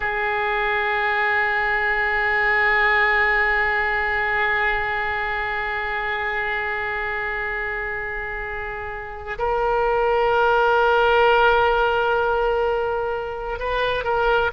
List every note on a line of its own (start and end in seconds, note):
0.00 9.37 G#4
9.38 13.59 A#4
13.59 14.04 B4
14.04 14.51 A#4